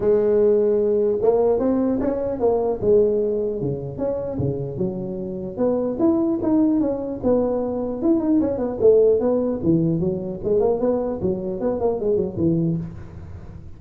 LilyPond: \new Staff \with { instrumentName = "tuba" } { \time 4/4 \tempo 4 = 150 gis2. ais4 | c'4 cis'4 ais4 gis4~ | gis4 cis4 cis'4 cis4 | fis2 b4 e'4 |
dis'4 cis'4 b2 | e'8 dis'8 cis'8 b8 a4 b4 | e4 fis4 gis8 ais8 b4 | fis4 b8 ais8 gis8 fis8 e4 | }